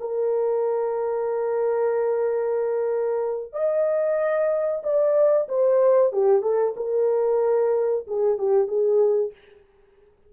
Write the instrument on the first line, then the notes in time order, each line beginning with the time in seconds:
horn
0.00 A#4
3.53 D#5
4.83 D5
5.48 C5
6.12 G4
6.42 A4
6.77 A#4
8.07 G#4
8.38 G4
8.67 G#4